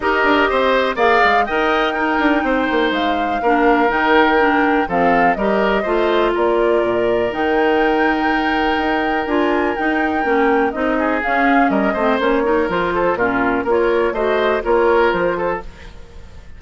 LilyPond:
<<
  \new Staff \with { instrumentName = "flute" } { \time 4/4 \tempo 4 = 123 dis''2 f''4 g''4~ | g''2 f''2 | g''2 f''4 dis''4~ | dis''4 d''2 g''4~ |
g''2. gis''4 | g''2 dis''4 f''4 | dis''4 cis''4 c''4 ais'4 | cis''4 dis''4 cis''4 c''4 | }
  \new Staff \with { instrumentName = "oboe" } { \time 4/4 ais'4 c''4 d''4 dis''4 | ais'4 c''2 ais'4~ | ais'2 a'4 ais'4 | c''4 ais'2.~ |
ais'1~ | ais'2~ ais'8 gis'4. | ais'8 c''4 ais'4 a'8 f'4 | ais'4 c''4 ais'4. a'8 | }
  \new Staff \with { instrumentName = "clarinet" } { \time 4/4 g'2 gis'4 ais'4 | dis'2. d'4 | dis'4 d'4 c'4 g'4 | f'2. dis'4~ |
dis'2. f'4 | dis'4 cis'4 dis'4 cis'4~ | cis'8 c'8 cis'8 dis'8 f'4 cis'4 | f'4 fis'4 f'2 | }
  \new Staff \with { instrumentName = "bassoon" } { \time 4/4 dis'8 d'8 c'4 ais8 gis8 dis'4~ | dis'8 d'8 c'8 ais8 gis4 ais4 | dis2 f4 g4 | a4 ais4 ais,4 dis4~ |
dis2 dis'4 d'4 | dis'4 ais4 c'4 cis'4 | g8 a8 ais4 f4 ais,4 | ais4 a4 ais4 f4 | }
>>